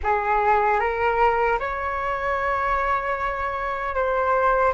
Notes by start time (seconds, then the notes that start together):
0.03 G#4
0.79 A#4
1.59 C#5
3.94 C5